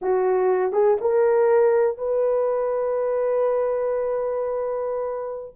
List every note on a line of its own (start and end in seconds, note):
0.01 0.72 F#4
0.72 0.97 G#4
1.01 1.97 A#4
1.97 5.55 B4